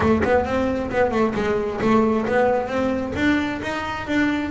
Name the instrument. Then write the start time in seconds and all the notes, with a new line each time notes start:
double bass
0.00 A3
0.23 B3
0.45 C4
0.90 B3
1.11 A3
1.35 G#3
1.81 A3
2.27 B3
2.67 C4
3.15 D4
3.62 D#4
4.07 D4